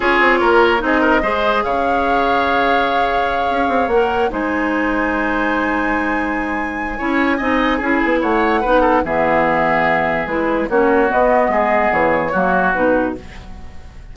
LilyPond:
<<
  \new Staff \with { instrumentName = "flute" } { \time 4/4 \tempo 4 = 146 cis''2 dis''2 | f''1~ | f''4. fis''4 gis''4.~ | gis''1~ |
gis''1 | fis''2 e''2~ | e''4 b'4 cis''4 dis''4~ | dis''4 cis''2 b'4 | }
  \new Staff \with { instrumentName = "oboe" } { \time 4/4 gis'4 ais'4 gis'8 ais'8 c''4 | cis''1~ | cis''2~ cis''8 c''4.~ | c''1~ |
c''4 cis''4 dis''4 gis'4 | cis''4 b'8 a'8 gis'2~ | gis'2 fis'2 | gis'2 fis'2 | }
  \new Staff \with { instrumentName = "clarinet" } { \time 4/4 f'2 dis'4 gis'4~ | gis'1~ | gis'4. ais'4 dis'4.~ | dis'1~ |
dis'4 e'4 dis'4 e'4~ | e'4 dis'4 b2~ | b4 e'4 cis'4 b4~ | b2 ais4 dis'4 | }
  \new Staff \with { instrumentName = "bassoon" } { \time 4/4 cis'8 c'8 ais4 c'4 gis4 | cis1~ | cis8 cis'8 c'8 ais4 gis4.~ | gis1~ |
gis4 cis'4 c'4 cis'8 b8 | a4 b4 e2~ | e4 gis4 ais4 b4 | gis4 e4 fis4 b,4 | }
>>